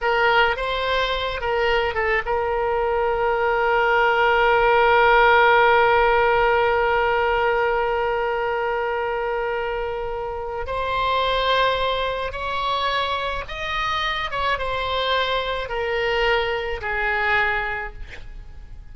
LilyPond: \new Staff \with { instrumentName = "oboe" } { \time 4/4 \tempo 4 = 107 ais'4 c''4. ais'4 a'8 | ais'1~ | ais'1~ | ais'1~ |
ais'2. c''4~ | c''2 cis''2 | dis''4. cis''8 c''2 | ais'2 gis'2 | }